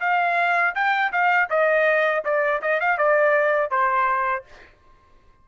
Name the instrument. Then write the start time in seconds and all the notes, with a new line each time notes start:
trumpet
0.00 F5
0.75 G5
1.12 F5
1.49 D#5
2.24 D5
2.62 D#5
2.80 F5
2.97 D5
3.70 C5